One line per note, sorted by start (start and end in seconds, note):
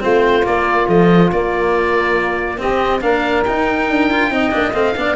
0.00 0.47 A3
0.00 0.43 C4
0.00 2.57 F4
0.00 0.46 C5
0.43 0.86 A#3
0.43 0.88 A#3
0.43 0.89 D5
0.88 1.32 F3
0.88 1.31 A3
0.88 1.31 D#5
1.32 2.58 A#3
1.32 2.62 A#3
1.32 2.60 D5
2.58 3.01 C4
2.58 3.02 C4
2.58 3.01 G4
2.58 3.02 D#5
3.02 3.45 A#3
3.02 3.44 D4
3.02 4.31 A#4
3.02 3.44 F5
3.45 4.11 D#4
3.45 3.89 D#4
3.45 4.73 G5
3.89 4.31 D4
4.11 4.31 F4
4.31 4.52 C4
4.31 4.52 D#4
4.31 4.97 D#5
4.52 4.72 A#3
4.52 4.73 D4
4.72 4.94 A3
4.72 4.95 C4
4.72 5.16 F5
4.97 5.16 B3
4.97 5.16 D4
4.97 5.16 D5